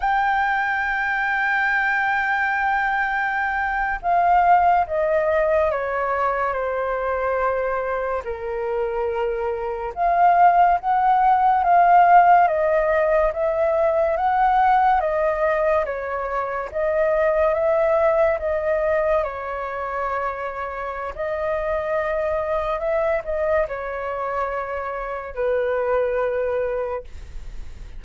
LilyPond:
\new Staff \with { instrumentName = "flute" } { \time 4/4 \tempo 4 = 71 g''1~ | g''8. f''4 dis''4 cis''4 c''16~ | c''4.~ c''16 ais'2 f''16~ | f''8. fis''4 f''4 dis''4 e''16~ |
e''8. fis''4 dis''4 cis''4 dis''16~ | dis''8. e''4 dis''4 cis''4~ cis''16~ | cis''4 dis''2 e''8 dis''8 | cis''2 b'2 | }